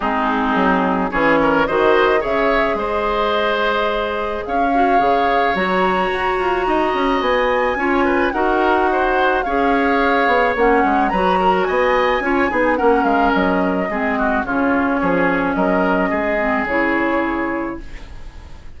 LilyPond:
<<
  \new Staff \with { instrumentName = "flute" } { \time 4/4 \tempo 4 = 108 gis'2 cis''4 dis''4 | e''4 dis''2. | f''2 ais''2~ | ais''4 gis''2 fis''4~ |
fis''4 f''2 fis''4 | ais''4 gis''2 fis''8 f''8 | dis''2 cis''2 | dis''2 cis''2 | }
  \new Staff \with { instrumentName = "oboe" } { \time 4/4 dis'2 gis'8 ais'8 c''4 | cis''4 c''2. | cis''1 | dis''2 cis''8 b'8 ais'4 |
c''4 cis''2. | b'8 ais'8 dis''4 cis''8 gis'8 ais'4~ | ais'4 gis'8 fis'8 f'4 gis'4 | ais'4 gis'2. | }
  \new Staff \with { instrumentName = "clarinet" } { \time 4/4 c'2 cis'4 fis'4 | gis'1~ | gis'8 fis'8 gis'4 fis'2~ | fis'2 f'4 fis'4~ |
fis'4 gis'2 cis'4 | fis'2 f'8 dis'8 cis'4~ | cis'4 c'4 cis'2~ | cis'4. c'8 e'2 | }
  \new Staff \with { instrumentName = "bassoon" } { \time 4/4 gis4 fis4 e4 dis4 | cis4 gis2. | cis'4 cis4 fis4 fis'8 f'8 | dis'8 cis'8 b4 cis'4 dis'4~ |
dis'4 cis'4. b8 ais8 gis8 | fis4 b4 cis'8 b8 ais8 gis8 | fis4 gis4 cis4 f4 | fis4 gis4 cis2 | }
>>